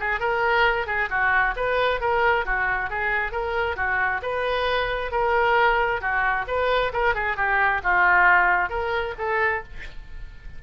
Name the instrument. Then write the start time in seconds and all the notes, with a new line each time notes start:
oboe
0.00 G#4
0.20 A#4
0.87 G#4
1.10 F#4
1.56 B4
2.01 A#4
2.45 F#4
2.90 G#4
3.32 A#4
3.77 F#4
4.22 B4
5.11 A#4
6.01 F#4
6.47 B4
6.93 A#4
7.15 G#4
7.37 G4
7.84 F4
8.70 A#4
9.18 A4